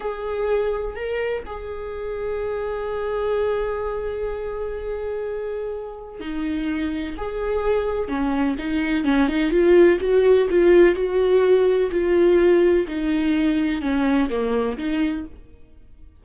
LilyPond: \new Staff \with { instrumentName = "viola" } { \time 4/4 \tempo 4 = 126 gis'2 ais'4 gis'4~ | gis'1~ | gis'1~ | gis'4 dis'2 gis'4~ |
gis'4 cis'4 dis'4 cis'8 dis'8 | f'4 fis'4 f'4 fis'4~ | fis'4 f'2 dis'4~ | dis'4 cis'4 ais4 dis'4 | }